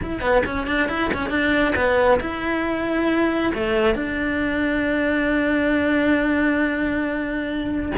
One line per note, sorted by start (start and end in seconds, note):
0.02 0.20 E4
0.20 0.42 B3
0.45 0.66 C#4
0.66 0.88 D4
0.88 1.10 E4
1.13 1.29 C#4
1.29 1.73 D4
1.75 2.19 B3
2.20 3.53 E4
3.54 3.94 A3
3.94 7.92 D4